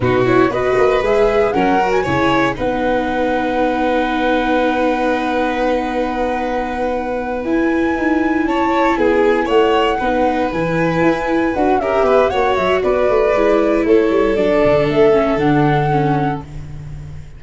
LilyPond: <<
  \new Staff \with { instrumentName = "flute" } { \time 4/4 \tempo 4 = 117 b'8 cis''8 dis''4 e''4 fis''8. gis''16~ | gis''4 fis''2.~ | fis''1~ | fis''2~ fis''8 gis''4.~ |
gis''8 a''4 gis''4 fis''4.~ | fis''8 gis''2 fis''8 e''4 | fis''8 e''8 d''2 cis''4 | d''4 e''4 fis''2 | }
  \new Staff \with { instrumentName = "violin" } { \time 4/4 fis'4 b'2 ais'4 | cis''4 b'2.~ | b'1~ | b'1~ |
b'8 cis''4 gis'4 cis''4 b'8~ | b'2. ais'8 b'8 | cis''4 b'2 a'4~ | a'1 | }
  \new Staff \with { instrumentName = "viola" } { \time 4/4 dis'8 e'8 fis'4 gis'4 cis'8 fis'8 | e'4 dis'2.~ | dis'1~ | dis'2~ dis'8 e'4.~ |
e'2.~ e'8 dis'8~ | dis'8 e'2 fis'8 g'4 | fis'2 e'2 | d'4. cis'8 d'4 cis'4 | }
  \new Staff \with { instrumentName = "tuba" } { \time 4/4 b,4 b8 ais8 gis4 fis4 | cis4 b2.~ | b1~ | b2~ b8 e'4 dis'8~ |
dis'8 cis'4 b4 a4 b8~ | b8 e4 e'4 d'8 cis'8 b8 | ais8 fis8 b8 a8 gis4 a8 g8 | fis8 d8 a4 d2 | }
>>